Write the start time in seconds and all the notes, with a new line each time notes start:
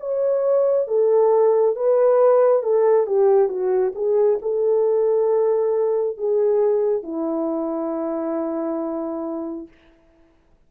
0.00 C#5
0.87 A4
1.76 B4
2.63 A4
3.07 G4
3.49 F#4
3.95 G#4
4.42 A4
6.18 G#4
7.03 E4